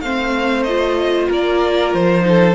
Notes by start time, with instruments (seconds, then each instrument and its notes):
0.00 cello A3, viola C4, violin C5 F5
0.62 viola F4, violin D#5
1.28 cello A#3, violin A#4 D5
1.93 cello F3, violin C5
2.21 viola D#4
2.28 violin A4